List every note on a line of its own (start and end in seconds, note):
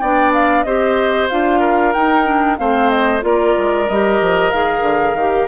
0.00 0.65 B3
0.00 0.67 D4
0.00 0.66 D5
0.00 0.32 G5
0.34 0.64 F5
0.64 1.30 C4
0.64 1.30 G4
0.64 1.60 C5
0.64 1.28 D#5
1.30 1.96 D4
1.30 1.95 F4
1.30 1.93 F5
1.60 2.57 A#4
1.93 2.25 D#4
1.93 2.60 D#4
1.93 2.58 G5
2.25 2.58 D4
2.58 3.23 A3
2.58 3.21 C4
2.58 3.25 C5
2.58 2.90 F5
2.90 3.23 D#5
3.21 3.56 A#3
3.21 3.86 F4
3.21 5.49 A#4
3.21 3.89 D5
3.58 3.90 G#3
3.89 4.21 G3
3.89 4.53 G4
3.89 4.51 D#5
4.21 4.53 F3
4.51 4.81 D#3
4.51 5.17 G#4
4.51 5.48 F5
4.81 5.14 D3
5.15 5.47 D#3
5.15 5.49 G4